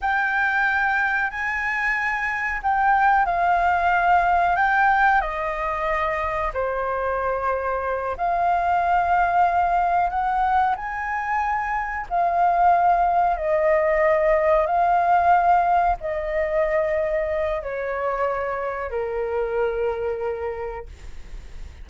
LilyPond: \new Staff \with { instrumentName = "flute" } { \time 4/4 \tempo 4 = 92 g''2 gis''2 | g''4 f''2 g''4 | dis''2 c''2~ | c''8 f''2. fis''8~ |
fis''8 gis''2 f''4.~ | f''8 dis''2 f''4.~ | f''8 dis''2~ dis''8 cis''4~ | cis''4 ais'2. | }